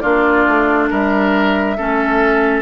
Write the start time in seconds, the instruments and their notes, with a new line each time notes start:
0.00 bassoon A#3, clarinet D4, oboe F4, flute D5
0.47 bassoon A3
0.90 bassoon G3, oboe A#4, flute E5
1.77 bassoon A3, clarinet C#4, oboe A4